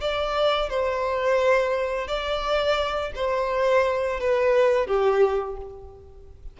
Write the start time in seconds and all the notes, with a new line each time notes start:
0.00 D5
0.69 C5
2.08 D5
3.15 C5
4.20 B4
4.87 G4